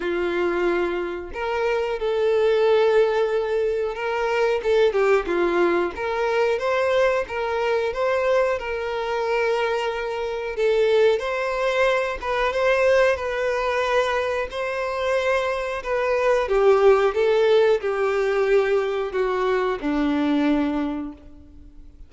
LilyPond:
\new Staff \with { instrumentName = "violin" } { \time 4/4 \tempo 4 = 91 f'2 ais'4 a'4~ | a'2 ais'4 a'8 g'8 | f'4 ais'4 c''4 ais'4 | c''4 ais'2. |
a'4 c''4. b'8 c''4 | b'2 c''2 | b'4 g'4 a'4 g'4~ | g'4 fis'4 d'2 | }